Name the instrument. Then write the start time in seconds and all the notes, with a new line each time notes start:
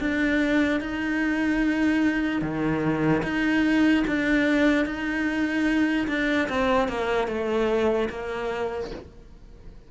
cello
0.00 D4
0.81 D#4
2.42 D#3
3.24 D#4
4.08 D4
4.86 D#4
6.08 D4
6.49 C4
6.89 A#3
7.28 A3
8.10 A#3